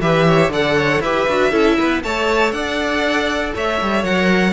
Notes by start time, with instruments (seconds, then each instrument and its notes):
0.00 cello E3, viola G4, violin B4 E5
0.27 violin C#5
0.49 cello D3, viola A4, violin D5 F#5
0.77 violin C#5
1.00 cello E4, viola G4, violin B4 E5
1.29 cello D4, viola F#4
1.51 cello C#4, viola E4, violin A4
1.78 cello B3, violin B4
2.03 cello A3, viola A4, violin C#5 A5
2.52 cello D4, violin D5 F#5
3.55 cello A3, violin C#5 E5
3.82 cello G3
4.04 cello F#3, viola A#4, violin F#5